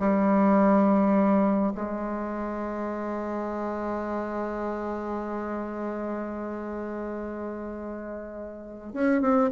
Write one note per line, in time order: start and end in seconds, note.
0.00 1.73 G3
1.75 8.94 G#3
8.94 9.22 C#4
9.22 9.51 C4